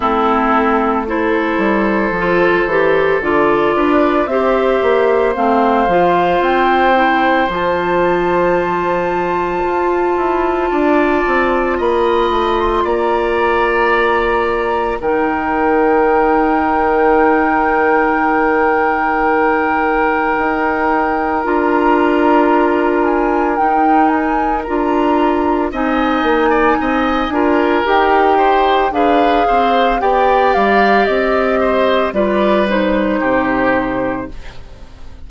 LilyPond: <<
  \new Staff \with { instrumentName = "flute" } { \time 4/4 \tempo 4 = 56 a'4 c''2 d''4 | e''4 f''4 g''4 a''4~ | a''2. b''8. c'''16 | ais''2 g''2~ |
g''1 | ais''4. gis''8 g''8 gis''8 ais''4 | gis''2 g''4 f''4 | g''8 f''8 dis''4 d''8 c''4. | }
  \new Staff \with { instrumentName = "oboe" } { \time 4/4 e'4 a'2~ a'8 b'8 | c''1~ | c''2 d''4 dis''4 | d''2 ais'2~ |
ais'1~ | ais'1 | dis''8. d''16 dis''8 ais'4 c''8 b'8 c''8 | d''4. c''8 b'4 g'4 | }
  \new Staff \with { instrumentName = "clarinet" } { \time 4/4 c'4 e'4 f'8 g'8 f'4 | g'4 c'8 f'4 e'8 f'4~ | f'1~ | f'2 dis'2~ |
dis'1 | f'2 dis'4 f'4 | dis'4. f'8 g'4 gis'4 | g'2 f'8 dis'4. | }
  \new Staff \with { instrumentName = "bassoon" } { \time 4/4 a4. g8 f8 e8 d8 d'8 | c'8 ais8 a8 f8 c'4 f4~ | f4 f'8 e'8 d'8 c'8 ais8 a8 | ais2 dis2~ |
dis2. dis'4 | d'2 dis'4 d'4 | c'8 ais8 c'8 d'8 dis'4 d'8 c'8 | b8 g8 c'4 g4 c4 | }
>>